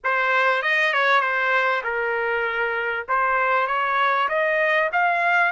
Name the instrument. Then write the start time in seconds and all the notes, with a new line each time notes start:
trumpet
0.03 C5
0.62 D#5
0.93 C#5
1.21 C5
1.83 A#4
3.08 C5
3.67 C#5
4.29 D#5
4.92 F5